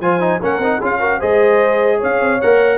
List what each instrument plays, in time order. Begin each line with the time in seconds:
0.00 tuba F3, trombone F4, horn C5, trumpet G#5
0.20 trombone D#4
0.40 tuba A#3, trombone C#4, horn A#4, trumpet F#5
0.58 tuba C4, trombone D#4
0.78 tuba C#4, trombone F4, horn G#4
0.84 trumpet F5
1.00 trombone F#4, horn A#4
1.19 tuba G#3, trombone G#4, horn C5, trumpet D#5
1.98 tuba C#4, horn C#5, trumpet F5
2.20 tuba C4
2.41 tuba A#3, trombone A#4, trumpet F#5